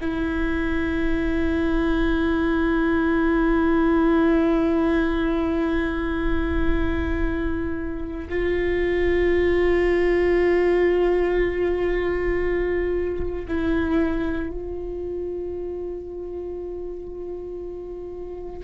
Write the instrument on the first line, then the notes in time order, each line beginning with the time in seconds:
viola
0.00 E4
8.29 F4
13.48 E4
14.50 F4